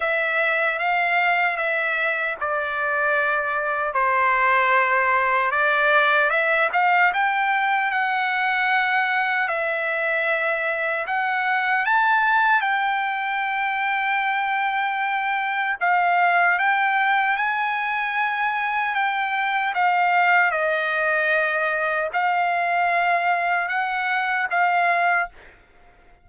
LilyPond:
\new Staff \with { instrumentName = "trumpet" } { \time 4/4 \tempo 4 = 76 e''4 f''4 e''4 d''4~ | d''4 c''2 d''4 | e''8 f''8 g''4 fis''2 | e''2 fis''4 a''4 |
g''1 | f''4 g''4 gis''2 | g''4 f''4 dis''2 | f''2 fis''4 f''4 | }